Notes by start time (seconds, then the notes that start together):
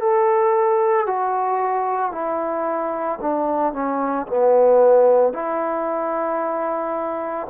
0.00 A4
1.07 F#4
2.12 E4
3.21 D4
3.73 C#4
4.27 B3
5.33 E4